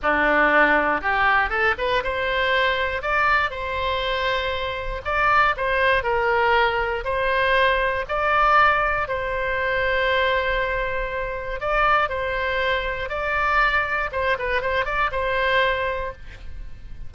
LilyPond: \new Staff \with { instrumentName = "oboe" } { \time 4/4 \tempo 4 = 119 d'2 g'4 a'8 b'8 | c''2 d''4 c''4~ | c''2 d''4 c''4 | ais'2 c''2 |
d''2 c''2~ | c''2. d''4 | c''2 d''2 | c''8 b'8 c''8 d''8 c''2 | }